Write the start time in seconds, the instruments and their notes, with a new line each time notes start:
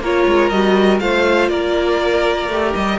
0.00 cello A#3, viola F4, violin A#4 C#5
0.26 cello G#3
0.49 cello G3, viola F#4, violin D#5
0.99 cello A3, viola F4, violin C5 F5
1.49 cello A#3, violin A#4 D5
2.48 cello A3, viola G4
2.74 cello G3, violin D#5